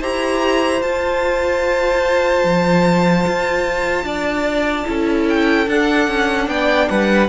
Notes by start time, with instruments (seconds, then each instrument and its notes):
0.00 cello E4, viola G4, violin C5 A#5
0.82 cello F4, viola F4, violin A5
2.44 cello F3
3.27 cello F4
4.04 cello D4, violin D5
4.86 cello C#4, viola E4, violin A4
5.29 violin G5
5.67 cello D4, viola D4, violin F#5
6.08 cello C#4
6.48 cello B3, violin D5 G5
6.89 cello G3, violin B4 F#5